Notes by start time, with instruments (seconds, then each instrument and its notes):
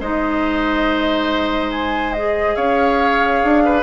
0.00 bassoon G#3, clarinet D#4, oboe C5, flute D#5
1.71 flute G#5
2.13 clarinet G#4, flute D#5
2.55 bassoon C#4, oboe C#5, flute F5
3.43 bassoon D4
3.64 oboe B4